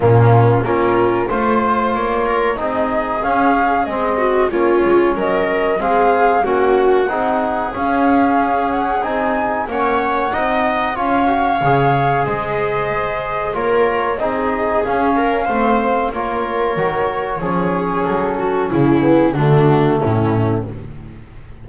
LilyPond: <<
  \new Staff \with { instrumentName = "flute" } { \time 4/4 \tempo 4 = 93 f'4 ais'4 c''4 cis''4 | dis''4 f''4 dis''4 cis''4 | dis''4 f''4 fis''2 | f''4. fis''8 gis''4 fis''4~ |
fis''4 f''2 dis''4~ | dis''4 cis''4 dis''4 f''4~ | f''4 cis''2. | a'4 gis'4 fis'4 e'4 | }
  \new Staff \with { instrumentName = "viola" } { \time 4/4 cis'4 f'4 c''4. ais'8 | gis'2~ gis'8 fis'8 f'4 | ais'4 gis'4 fis'4 gis'4~ | gis'2. cis''4 |
dis''4 cis''2 c''4~ | c''4 ais'4 gis'4. ais'8 | c''4 ais'2 gis'4~ | gis'8 fis'8 e'4 d'4 cis'4 | }
  \new Staff \with { instrumentName = "trombone" } { \time 4/4 ais4 cis'4 f'2 | dis'4 cis'4 c'4 cis'4~ | cis'4 c'4 cis'4 dis'4 | cis'2 dis'4 cis'4 |
dis'4 f'8 fis'8 gis'2~ | gis'4 f'4 dis'4 cis'4 | c'4 f'4 fis'4 cis'4~ | cis'4. b8 a2 | }
  \new Staff \with { instrumentName = "double bass" } { \time 4/4 ais,4 ais4 a4 ais4 | c'4 cis'4 gis4 ais8 gis8 | fis4 gis4 ais4 c'4 | cis'2 c'4 ais4 |
c'4 cis'4 cis4 gis4~ | gis4 ais4 c'4 cis'4 | a4 ais4 dis4 f4 | fis4 cis4 d4 a,4 | }
>>